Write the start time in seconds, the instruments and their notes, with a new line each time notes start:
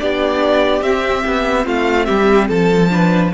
0.00 cello B3, viola D4, violin G4 D5
0.82 cello C4, viola C4, violin E5
1.27 cello B3
1.65 cello A3, violin F4 F5
2.06 cello G3, violin G4 E5
2.49 cello F3, violin A4 A5
2.90 viola D4, violin B4